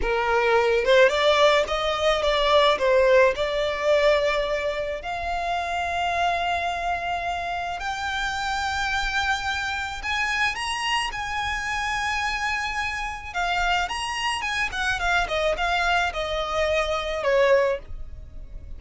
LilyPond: \new Staff \with { instrumentName = "violin" } { \time 4/4 \tempo 4 = 108 ais'4. c''8 d''4 dis''4 | d''4 c''4 d''2~ | d''4 f''2.~ | f''2 g''2~ |
g''2 gis''4 ais''4 | gis''1 | f''4 ais''4 gis''8 fis''8 f''8 dis''8 | f''4 dis''2 cis''4 | }